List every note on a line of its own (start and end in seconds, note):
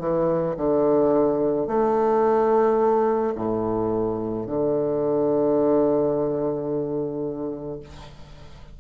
0.00 0.56 E3
0.57 1.68 D3
1.68 3.34 A3
3.36 4.47 A2
4.47 7.80 D3